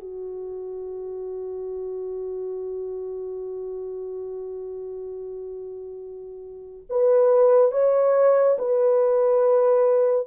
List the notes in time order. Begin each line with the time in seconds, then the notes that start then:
0.00 F#4
6.89 B4
7.71 C#5
8.58 B4